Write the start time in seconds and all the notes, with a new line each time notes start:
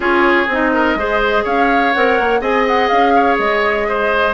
0.00 C#4 F4 G#4 C#5
0.47 C4 D#4 D#5
0.73 A#4
0.95 G#3 G#4 C5
1.44 C#4 C#5 F5
1.93 C4 A#4 F#5
2.19 A#3
2.40 C4 G#4 D#5 G#5
2.67 F#5
2.88 C#4 F5
3.15 C#5
3.38 G#3 D#5
3.88 C5